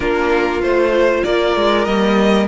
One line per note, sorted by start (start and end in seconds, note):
0.00 0.61 A#3
0.00 0.61 D4
0.00 1.20 F4
0.00 0.61 A#4
0.61 1.23 A3
0.61 1.87 F4
0.61 1.24 C5
1.24 1.56 A#3
1.24 2.47 A#4
1.24 1.84 D5
1.56 1.86 G#3
1.84 2.47 G3
1.84 2.47 A#3
1.84 2.46 D#5